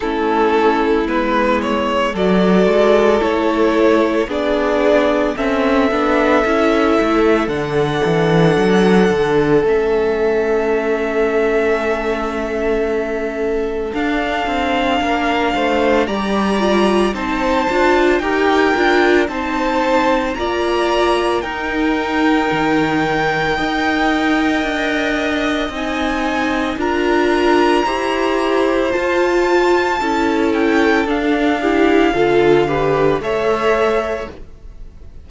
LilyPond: <<
  \new Staff \with { instrumentName = "violin" } { \time 4/4 \tempo 4 = 56 a'4 b'8 cis''8 d''4 cis''4 | d''4 e''2 fis''4~ | fis''4 e''2.~ | e''4 f''2 ais''4 |
a''4 g''4 a''4 ais''4 | g''1 | gis''4 ais''2 a''4~ | a''8 g''8 f''2 e''4 | }
  \new Staff \with { instrumentName = "violin" } { \time 4/4 e'2 a'2 | gis'4 a'2.~ | a'1~ | a'2 ais'8 c''8 d''4 |
c''4 ais'4 c''4 d''4 | ais'2 dis''2~ | dis''4 ais'4 c''2 | a'4. g'8 a'8 b'8 cis''4 | }
  \new Staff \with { instrumentName = "viola" } { \time 4/4 cis'4 b4 fis'4 e'4 | d'4 cis'8 d'8 e'4 d'4~ | d'4 cis'2.~ | cis'4 d'2 g'8 f'8 |
dis'8 f'8 g'8 f'8 dis'4 f'4 | dis'2 ais'2 | dis'4 f'4 g'4 f'4 | e'4 d'8 e'8 f'8 g'8 a'4 | }
  \new Staff \with { instrumentName = "cello" } { \time 4/4 a4 gis4 fis8 gis8 a4 | b4 c'8 b8 cis'8 a8 d8 e8 | fis8 d8 a2.~ | a4 d'8 c'8 ais8 a8 g4 |
c'8 d'8 dis'8 d'8 c'4 ais4 | dis'4 dis4 dis'4 d'4 | c'4 d'4 e'4 f'4 | cis'4 d'4 d4 a4 | }
>>